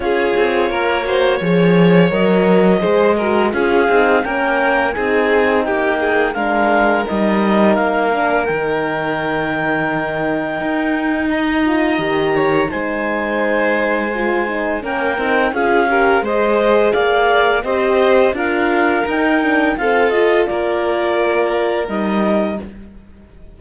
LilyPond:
<<
  \new Staff \with { instrumentName = "clarinet" } { \time 4/4 \tempo 4 = 85 cis''2. dis''4~ | dis''4 f''4 g''4 gis''4 | g''4 f''4 dis''4 f''4 | g''1 |
ais''2 gis''2~ | gis''4 g''4 f''4 dis''4 | f''4 dis''4 f''4 g''4 | f''8 dis''8 d''2 dis''4 | }
  \new Staff \with { instrumentName = "violin" } { \time 4/4 gis'4 ais'8 c''8 cis''2 | c''8 ais'8 gis'4 ais'4 gis'4 | g'8 gis'8 ais'2.~ | ais'1 |
dis''4. cis''8 c''2~ | c''4 ais'4 gis'8 ais'8 c''4 | d''4 c''4 ais'2 | a'4 ais'2. | }
  \new Staff \with { instrumentName = "horn" } { \time 4/4 f'4. fis'8 gis'4 ais'4 | gis'8 fis'8 f'8 dis'8 cis'4 dis'4~ | dis'4 d'4 dis'4. d'8 | dis'1~ |
dis'8 f'8 g'4 dis'2 | f'8 dis'8 cis'8 dis'8 f'8 g'8 gis'4~ | gis'4 g'4 f'4 dis'8 d'8 | c'8 f'2~ f'8 dis'4 | }
  \new Staff \with { instrumentName = "cello" } { \time 4/4 cis'8 c'8 ais4 f4 fis4 | gis4 cis'8 c'8 ais4 c'4 | ais4 gis4 g4 ais4 | dis2. dis'4~ |
dis'4 dis4 gis2~ | gis4 ais8 c'8 cis'4 gis4 | ais4 c'4 d'4 dis'4 | f'4 ais2 g4 | }
>>